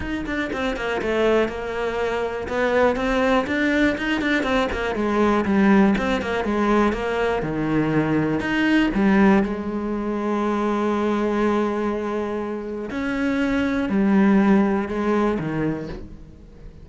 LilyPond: \new Staff \with { instrumentName = "cello" } { \time 4/4 \tempo 4 = 121 dis'8 d'8 c'8 ais8 a4 ais4~ | ais4 b4 c'4 d'4 | dis'8 d'8 c'8 ais8 gis4 g4 | c'8 ais8 gis4 ais4 dis4~ |
dis4 dis'4 g4 gis4~ | gis1~ | gis2 cis'2 | g2 gis4 dis4 | }